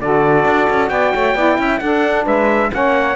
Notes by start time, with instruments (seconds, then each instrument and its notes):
0.00 cello D3, saxophone F#4 A4, trumpet D5
0.44 cello D4
0.69 cello C#4
0.89 cello B3, saxophone D5, trumpet G5
1.12 cello A3, saxophone C#5
1.34 cello B3, saxophone E4 D5
1.58 cello C#4, saxophone E5
1.78 saxophone D4 A4, cello D4, trumpet F#5
2.23 cello G#3, saxophone B4, trumpet E5
2.70 cello A#3, saxophone C#4 C#5, trumpet F#5